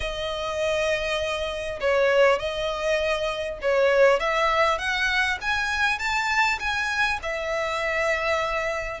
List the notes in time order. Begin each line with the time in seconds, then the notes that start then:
0.00 D#5
1.80 C#5
2.39 D#5
3.61 C#5
4.19 E5
4.78 F#5
5.41 G#5
5.98 A5
6.59 G#5
7.22 E5